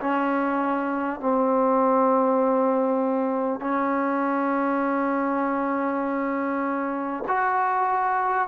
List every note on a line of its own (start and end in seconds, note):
0.00 1.20 C#4
1.20 3.60 C4
3.60 7.23 C#4
7.28 8.48 F#4